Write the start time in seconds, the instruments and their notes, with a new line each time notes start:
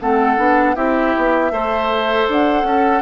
0.00 bassoon A3, clarinet C4, oboe A4, flute F#5
0.37 bassoon B3, clarinet D4
0.75 bassoon C4, clarinet E4, oboe G4, flute E5
1.17 bassoon B3
1.51 bassoon A3, clarinet A4, oboe C5
2.29 bassoon D4, flute F#5
2.63 bassoon C#4, oboe A4